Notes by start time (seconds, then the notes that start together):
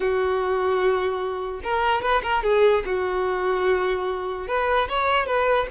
0.00 F#4
1.63 A#4
2.02 B4
2.22 A#4
2.43 G#4
2.85 F#4
4.47 B4
4.88 C#5
5.26 B4